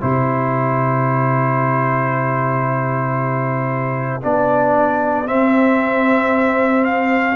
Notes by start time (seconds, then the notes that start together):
0.00 C3 E4 G4 C5
4.22 B3 D4 D5
5.26 C4 E5
6.84 F5